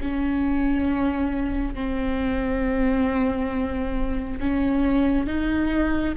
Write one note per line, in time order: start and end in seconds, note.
0.00 1.74 C#4
1.74 4.39 C4
4.40 5.27 C#4
5.27 6.15 D#4